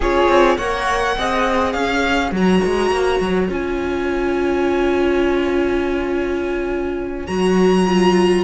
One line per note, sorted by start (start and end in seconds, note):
0.00 0.28 C#4
0.00 0.59 F4
0.00 0.56 G#4
0.00 0.57 C#5
0.28 0.57 C4
0.57 1.16 A#3
0.57 1.18 A#4
0.57 1.16 C#5
0.57 1.72 F#5
1.17 1.74 C4
1.17 2.34 G#4
1.17 1.75 D#5
1.72 2.31 C#4
1.72 8.43 C#5
1.72 2.30 F5
2.31 2.60 F#3
2.31 3.48 F#4
2.31 3.52 A#5
2.64 2.91 G#3
2.91 3.20 A#3
3.20 3.48 F#3
3.48 7.27 C#4
3.48 7.26 F4
3.48 7.27 G#5
7.27 8.43 F#3
7.27 7.85 F#4
7.27 8.43 A#5
7.87 8.43 F4